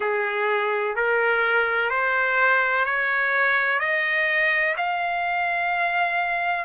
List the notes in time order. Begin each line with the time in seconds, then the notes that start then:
0.00 G#4
0.95 A#4
1.90 C5
2.85 C#5
3.79 D#5
4.77 F5